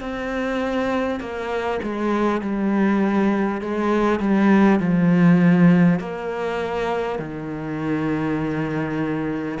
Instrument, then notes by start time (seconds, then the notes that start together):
cello
0.00 C4
1.19 A#3
1.83 G#3
2.41 G3
3.61 G#3
4.19 G3
4.79 F3
5.99 A#3
7.18 D#3